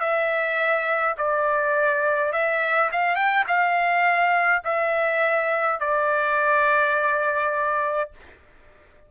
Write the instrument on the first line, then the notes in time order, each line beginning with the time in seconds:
trumpet
0.00 E5
1.17 D5
2.32 E5
2.92 F5
3.16 G5
3.47 F5
4.65 E5
5.80 D5